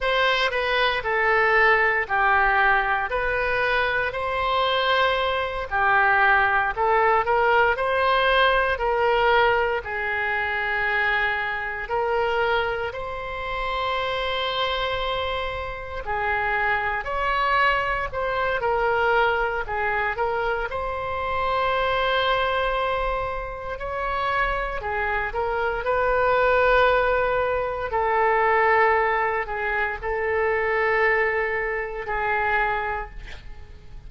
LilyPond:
\new Staff \with { instrumentName = "oboe" } { \time 4/4 \tempo 4 = 58 c''8 b'8 a'4 g'4 b'4 | c''4. g'4 a'8 ais'8 c''8~ | c''8 ais'4 gis'2 ais'8~ | ais'8 c''2. gis'8~ |
gis'8 cis''4 c''8 ais'4 gis'8 ais'8 | c''2. cis''4 | gis'8 ais'8 b'2 a'4~ | a'8 gis'8 a'2 gis'4 | }